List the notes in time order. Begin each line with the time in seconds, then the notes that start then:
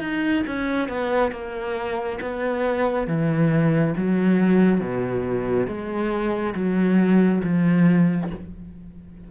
0.00 D#4
0.47 C#4
0.89 B3
1.32 A#3
2.21 B3
3.08 E3
3.97 F#3
4.81 B2
5.67 G#3
6.55 F#3
7.44 F3